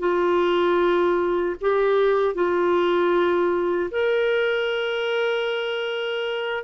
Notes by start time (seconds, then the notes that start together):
0.00 F4
1.62 G4
2.35 F4
3.92 A#4